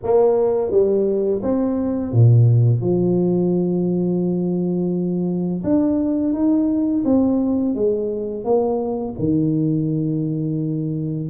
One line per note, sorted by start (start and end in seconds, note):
0.03 0.71 A#3
0.71 1.41 G3
1.42 2.11 C4
2.11 2.80 A#2
2.80 5.63 F3
5.63 6.33 D4
6.33 7.03 D#4
7.04 7.75 C4
7.75 8.44 G#3
8.44 9.14 A#3
9.19 11.29 D#3